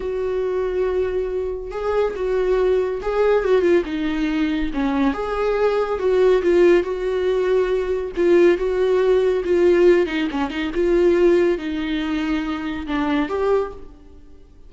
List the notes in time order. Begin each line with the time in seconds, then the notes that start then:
0.00 F#4
1.71 G#4
2.15 F#4
3.02 G#4
3.44 F#4
3.61 F4
3.85 D#4
4.73 C#4
5.13 G#4
5.99 F#4
6.42 F4
6.83 F#4
8.16 F4
8.57 F#4
9.44 F4
10.06 D#4
10.31 C#4
10.50 D#4
10.74 F4
11.57 D#4
12.86 D4
13.29 G4